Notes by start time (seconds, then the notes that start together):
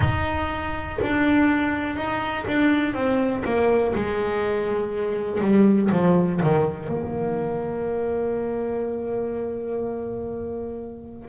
0.00 D#4
1.01 D4
1.96 D#4
2.47 D4
2.94 C4
3.44 A#3
3.94 G#3
5.41 G3
5.91 F3
6.42 D#3
6.88 A#3